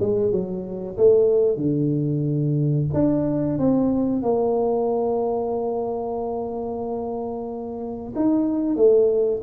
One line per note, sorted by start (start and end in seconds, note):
0.00 0.32 G#3
0.32 0.97 F#3
0.97 1.57 A3
1.57 2.87 D3
2.93 3.58 D4
3.58 4.22 C4
4.22 8.14 A#3
8.16 8.76 D#4
8.76 9.41 A3